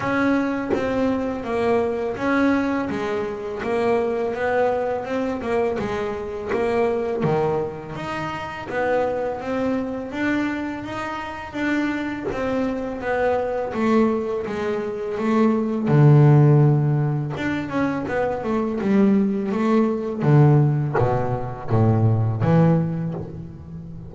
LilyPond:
\new Staff \with { instrumentName = "double bass" } { \time 4/4 \tempo 4 = 83 cis'4 c'4 ais4 cis'4 | gis4 ais4 b4 c'8 ais8 | gis4 ais4 dis4 dis'4 | b4 c'4 d'4 dis'4 |
d'4 c'4 b4 a4 | gis4 a4 d2 | d'8 cis'8 b8 a8 g4 a4 | d4 b,4 a,4 e4 | }